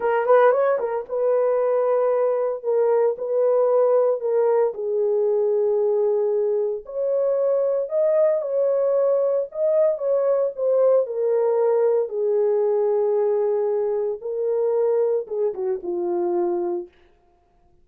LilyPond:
\new Staff \with { instrumentName = "horn" } { \time 4/4 \tempo 4 = 114 ais'8 b'8 cis''8 ais'8 b'2~ | b'4 ais'4 b'2 | ais'4 gis'2.~ | gis'4 cis''2 dis''4 |
cis''2 dis''4 cis''4 | c''4 ais'2 gis'4~ | gis'2. ais'4~ | ais'4 gis'8 fis'8 f'2 | }